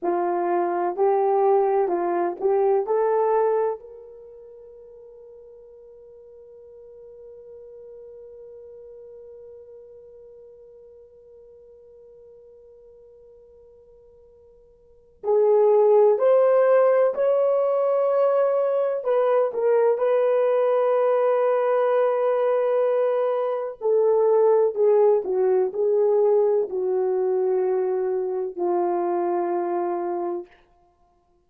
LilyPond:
\new Staff \with { instrumentName = "horn" } { \time 4/4 \tempo 4 = 63 f'4 g'4 f'8 g'8 a'4 | ais'1~ | ais'1~ | ais'1 |
gis'4 c''4 cis''2 | b'8 ais'8 b'2.~ | b'4 a'4 gis'8 fis'8 gis'4 | fis'2 f'2 | }